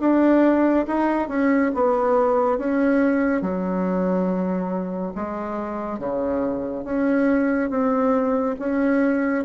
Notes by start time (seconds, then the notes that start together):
0.00 D4
0.87 D#4
1.29 C#4
1.75 B3
2.58 C#4
3.42 F#3
5.15 G#3
5.99 C#3
6.85 C#4
7.70 C4
8.59 C#4